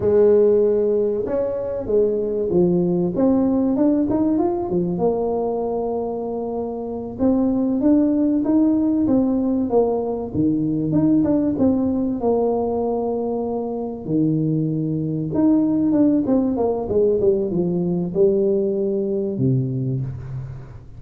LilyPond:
\new Staff \with { instrumentName = "tuba" } { \time 4/4 \tempo 4 = 96 gis2 cis'4 gis4 | f4 c'4 d'8 dis'8 f'8 f8 | ais2.~ ais8 c'8~ | c'8 d'4 dis'4 c'4 ais8~ |
ais8 dis4 dis'8 d'8 c'4 ais8~ | ais2~ ais8 dis4.~ | dis8 dis'4 d'8 c'8 ais8 gis8 g8 | f4 g2 c4 | }